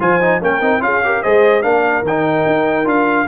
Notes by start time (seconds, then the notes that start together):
0.00 F3 F4 C5 G#5
0.21 D#4
0.41 A#3 C#4 A#4 G5
0.61 C4 D#4
0.80 C#4 F4 G#4 F5
1.04 G4 A#4
1.23 G#3 G#4 C5 D#5
1.62 A#3 D4 A#4 F5
2.03 D#3 G5
2.09 D#4
2.46 D#4
2.85 D4 F4 F5